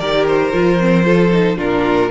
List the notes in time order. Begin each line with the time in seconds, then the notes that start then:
0.00 D#3 G4 A#4 D5
0.27 C5
0.53 F3 F4
0.80 C4
1.05 F4 A4
1.33 D#4
1.57 A#2 D4 F4 A#4